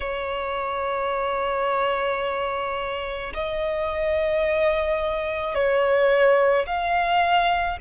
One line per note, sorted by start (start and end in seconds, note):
0.00 3.33 C#5
3.34 5.55 D#5
5.55 6.66 C#5
6.66 7.77 F5